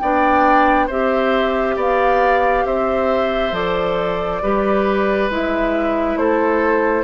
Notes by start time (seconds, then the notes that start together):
0.00 B3 D4 D5 G5
0.87 C4 G4 C5 E5
1.76 B3 D5 F5
2.65 C4 C5 E5
3.52 F3 A4 D5
4.43 G3 G4 B4
5.30 G#3 E4 E5
6.16 A3 A4 C5